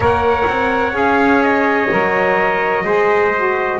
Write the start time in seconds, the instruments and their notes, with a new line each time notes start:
0.00 double bass A#3, saxophone A#4, trumpet C#5 F#5
0.47 double bass C4
0.92 double bass C#4, saxophone G#4, trumpet F5
1.42 trumpet D#5
1.91 double bass F#3, saxophone A#4
2.84 double bass G#3, saxophone G#4, trumpet C5
3.37 saxophone F#4